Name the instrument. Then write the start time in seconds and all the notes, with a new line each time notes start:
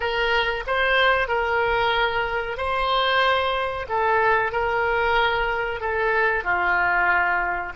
oboe
0.00 A#4
0.67 C5
1.28 A#4
2.57 C5
3.88 A4
4.52 A#4
5.80 A4
6.43 F4